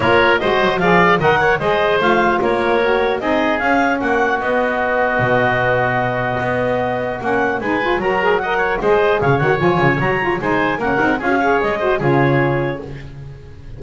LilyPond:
<<
  \new Staff \with { instrumentName = "clarinet" } { \time 4/4 \tempo 4 = 150 cis''4 dis''4 f''4 fis''4 | dis''4 f''4 cis''2 | dis''4 f''4 fis''4 dis''4~ | dis''1~ |
dis''2 fis''4 gis''4 | ais''4 fis''4 dis''4 f''8 fis''8 | gis''4 ais''4 gis''4 fis''4 | f''4 dis''4 cis''2 | }
  \new Staff \with { instrumentName = "oboe" } { \time 4/4 ais'4 c''4 d''4 dis''8 cis''8 | c''2 ais'2 | gis'2 fis'2~ | fis'1~ |
fis'2. b'4 | ais'4 dis''8 cis''8 c''4 cis''4~ | cis''2 c''4 ais'4 | gis'8 cis''4 c''8 gis'2 | }
  \new Staff \with { instrumentName = "saxophone" } { \time 4/4 f'4 fis'4 gis'4 ais'4 | gis'4 f'2 fis'4 | dis'4 cis'2 b4~ | b1~ |
b2 cis'4 dis'8 f'8 | fis'8 gis'8 ais'4 gis'4. fis'8 | f'4 fis'8 f'8 dis'4 cis'8 dis'8 | f'16 fis'16 gis'4 fis'8 f'2 | }
  \new Staff \with { instrumentName = "double bass" } { \time 4/4 ais4 gis8 fis8 f4 dis4 | gis4 a4 ais2 | c'4 cis'4 ais4 b4~ | b4 b,2. |
b2 ais4 gis4 | fis2 gis4 cis8 dis8 | f8 cis8 fis4 gis4 ais8 c'8 | cis'4 gis4 cis2 | }
>>